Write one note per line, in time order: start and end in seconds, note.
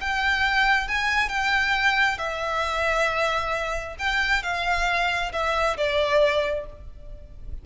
0.00 0.88 G5
0.88 1.29 G#5
1.29 2.18 G5
2.18 3.95 E5
3.98 4.43 G5
4.43 5.32 F5
5.32 5.76 E5
5.77 6.65 D5